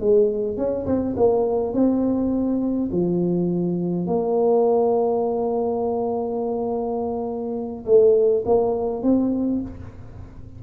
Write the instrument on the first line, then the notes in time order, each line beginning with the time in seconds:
tuba
0.00 G#3
0.57 C#4
0.86 C4
1.17 A#3
1.74 C4
2.92 F3
4.07 A#3
7.86 A3
8.45 A#3
9.03 C4